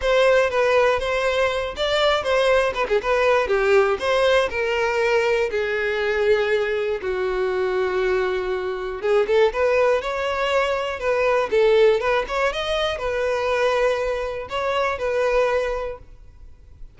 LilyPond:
\new Staff \with { instrumentName = "violin" } { \time 4/4 \tempo 4 = 120 c''4 b'4 c''4. d''8~ | d''8 c''4 b'16 gis'16 b'4 g'4 | c''4 ais'2 gis'4~ | gis'2 fis'2~ |
fis'2 gis'8 a'8 b'4 | cis''2 b'4 a'4 | b'8 cis''8 dis''4 b'2~ | b'4 cis''4 b'2 | }